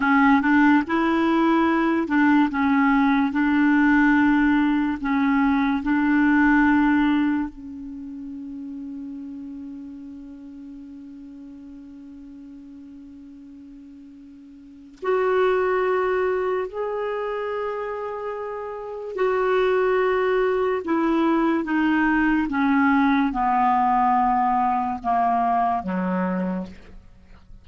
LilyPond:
\new Staff \with { instrumentName = "clarinet" } { \time 4/4 \tempo 4 = 72 cis'8 d'8 e'4. d'8 cis'4 | d'2 cis'4 d'4~ | d'4 cis'2.~ | cis'1~ |
cis'2 fis'2 | gis'2. fis'4~ | fis'4 e'4 dis'4 cis'4 | b2 ais4 fis4 | }